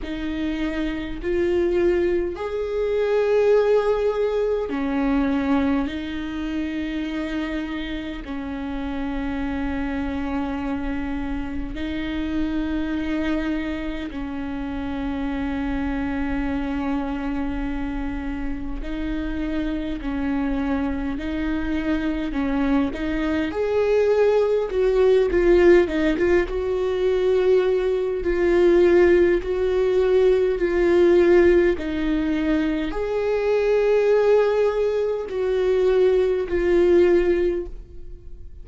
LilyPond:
\new Staff \with { instrumentName = "viola" } { \time 4/4 \tempo 4 = 51 dis'4 f'4 gis'2 | cis'4 dis'2 cis'4~ | cis'2 dis'2 | cis'1 |
dis'4 cis'4 dis'4 cis'8 dis'8 | gis'4 fis'8 f'8 dis'16 f'16 fis'4. | f'4 fis'4 f'4 dis'4 | gis'2 fis'4 f'4 | }